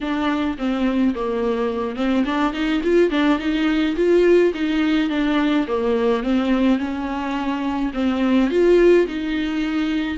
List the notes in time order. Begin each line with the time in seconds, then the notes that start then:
0.00 D4
0.57 C4
1.14 A#3
1.96 C4
2.25 D4
2.53 D#4
2.83 F4
3.10 D4
3.38 D#4
3.96 F4
4.54 D#4
5.09 D4
5.67 A#3
6.23 C4
6.78 C#4
7.93 C4
8.50 F4
9.07 D#4